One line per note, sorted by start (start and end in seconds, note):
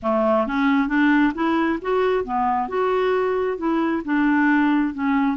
0.02 0.46 A3
0.46 0.88 C#4
0.88 1.32 D4
1.34 1.79 E4
1.81 2.24 F#4
2.24 2.68 B3
2.68 3.57 F#4
3.57 4.02 E4
4.04 4.94 D4
4.94 5.37 C#4